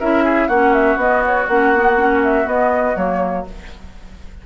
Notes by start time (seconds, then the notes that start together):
0.00 C#4 E4 A#4 E5
0.24 G#4
0.48 A#3 C#4 F#4 F#5
0.73 E5
0.96 B3 D#5
1.26 C#5
1.47 A#3 C#4 F#5
1.75 B3
1.98 C#4
2.24 E5
2.45 B3 D#5
2.96 F#3 A#3 C#5